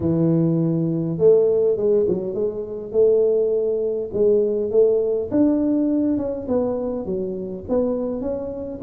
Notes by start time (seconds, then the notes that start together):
0.00 E3
1.18 A3
1.76 G#3
2.07 F#3
2.34 G#3
2.92 A3
4.13 G#3
4.71 A3
5.30 D4
6.17 C#4
6.47 B3
7.05 F#3
7.68 B3
8.21 C#4